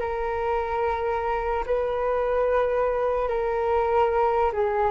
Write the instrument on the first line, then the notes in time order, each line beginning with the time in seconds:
flute
0.00 A#4
1.66 B4
3.28 A#4
4.53 G#4